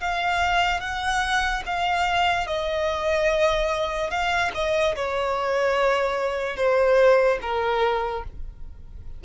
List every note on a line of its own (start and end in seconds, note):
0.00 0.80 F5
0.80 1.63 F#5
1.66 2.47 F5
2.47 4.10 D#5
4.10 4.51 F5
4.54 4.95 D#5
4.95 6.56 C#5
6.56 7.38 C5
7.41 8.23 A#4